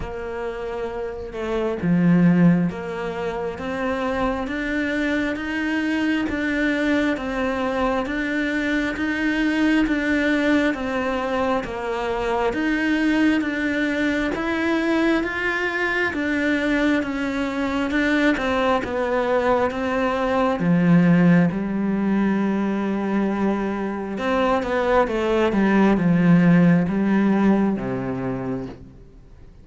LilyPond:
\new Staff \with { instrumentName = "cello" } { \time 4/4 \tempo 4 = 67 ais4. a8 f4 ais4 | c'4 d'4 dis'4 d'4 | c'4 d'4 dis'4 d'4 | c'4 ais4 dis'4 d'4 |
e'4 f'4 d'4 cis'4 | d'8 c'8 b4 c'4 f4 | g2. c'8 b8 | a8 g8 f4 g4 c4 | }